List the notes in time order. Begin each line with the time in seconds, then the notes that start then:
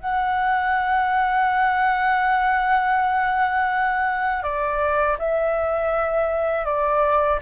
0.00 F#5
4.43 D5
5.19 E5
6.65 D5